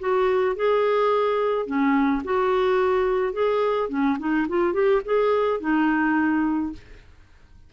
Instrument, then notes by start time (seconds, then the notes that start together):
clarinet
0.00 F#4
0.56 G#4
1.66 C#4
2.24 F#4
3.33 G#4
3.89 C#4
4.19 D#4
4.49 F4
4.74 G4
5.05 G#4
5.60 D#4